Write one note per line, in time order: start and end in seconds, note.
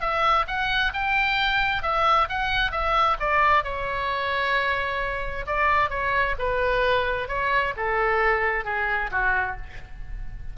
0.00 0.45 E5
0.47 0.92 F#5
0.93 1.82 G5
1.82 2.28 E5
2.29 2.71 F#5
2.71 3.17 E5
3.19 3.63 D5
3.63 5.45 C#5
5.46 5.89 D5
5.89 6.35 C#5
6.38 7.28 B4
7.28 7.73 C#5
7.76 8.64 A4
8.64 9.10 G#4
9.11 9.56 F#4